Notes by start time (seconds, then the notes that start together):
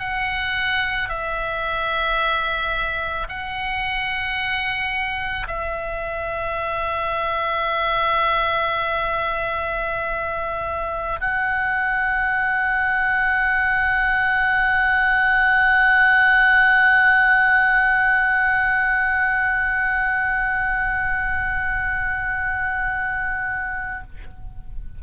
0.00 F#5
1.10 E5
3.29 F#5
5.47 E5
11.21 F#5